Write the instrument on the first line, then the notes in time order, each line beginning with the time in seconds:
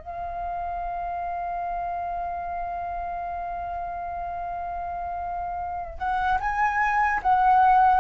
flute
0.00 F5
5.99 F#5
6.40 G#5
7.23 F#5